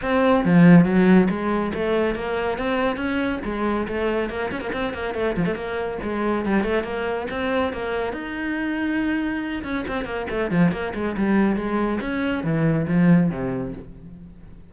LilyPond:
\new Staff \with { instrumentName = "cello" } { \time 4/4 \tempo 4 = 140 c'4 f4 fis4 gis4 | a4 ais4 c'4 cis'4 | gis4 a4 ais8 cis'16 ais16 c'8 ais8 | a8 f16 a16 ais4 gis4 g8 a8 |
ais4 c'4 ais4 dis'4~ | dis'2~ dis'8 cis'8 c'8 ais8 | a8 f8 ais8 gis8 g4 gis4 | cis'4 e4 f4 c4 | }